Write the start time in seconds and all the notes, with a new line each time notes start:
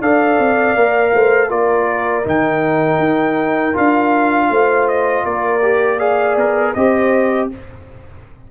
0.00 D4 A4 D5 F5
0.39 C4
0.75 A#3 A#4
1.14 A3 C5
1.48 A#3 F4 A#4 D5
2.24 D#3 D#4 G5
2.98 D#4
3.73 D4 F4 F5
4.49 A3 C5
4.88 D#5
5.24 A#3 A#4 D5
5.62 G4
5.98 G#4 D5 F5
6.36 B3 A#4
6.74 C4 G4 C5 D#5